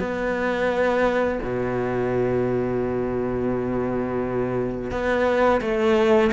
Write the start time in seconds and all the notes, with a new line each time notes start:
0.00 B3
1.43 B2
4.91 B3
5.62 A3